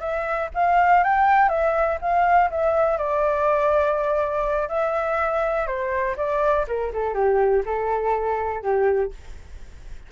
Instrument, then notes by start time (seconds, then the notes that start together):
flute
0.00 E5
0.54 F5
1.03 G5
1.49 E5
2.01 F5
2.51 E5
2.98 D5
4.68 E5
5.67 C5
6.17 D5
6.68 A#4
6.93 A4
7.14 G4
7.65 A4
8.62 G4